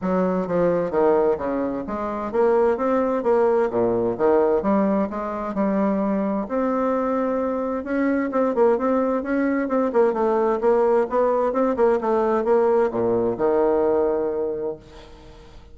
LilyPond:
\new Staff \with { instrumentName = "bassoon" } { \time 4/4 \tempo 4 = 130 fis4 f4 dis4 cis4 | gis4 ais4 c'4 ais4 | ais,4 dis4 g4 gis4 | g2 c'2~ |
c'4 cis'4 c'8 ais8 c'4 | cis'4 c'8 ais8 a4 ais4 | b4 c'8 ais8 a4 ais4 | ais,4 dis2. | }